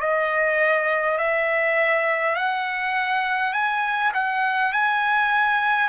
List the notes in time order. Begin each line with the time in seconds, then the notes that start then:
0.00 D#5
1.18 E5
2.35 F#5
3.53 G#5
4.14 F#5
4.73 G#5